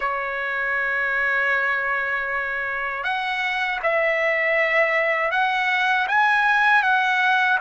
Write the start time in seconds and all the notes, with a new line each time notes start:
0.00 C#5
3.03 F#5
3.83 E5
5.31 F#5
6.08 G#5
6.82 F#5